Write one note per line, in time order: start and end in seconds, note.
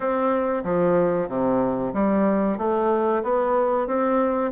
0.00 0.63 C4
0.63 1.28 F3
1.28 1.92 C3
1.93 2.58 G3
2.58 3.22 A3
3.23 3.87 B3
3.87 4.51 C4